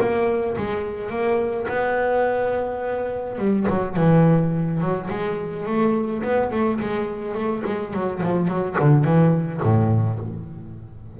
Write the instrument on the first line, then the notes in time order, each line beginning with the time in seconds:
double bass
0.00 A#3
0.57 G#3
1.10 A#3
1.68 B3
3.38 G3
3.69 F#3
3.96 E3
4.81 F#3
5.10 G#3
5.66 A3
6.23 B3
6.51 A3
6.80 G#3
7.35 A3
7.66 G#3
7.93 F#3
8.23 F3
8.48 F#3
8.79 D3
9.04 E3
9.63 A2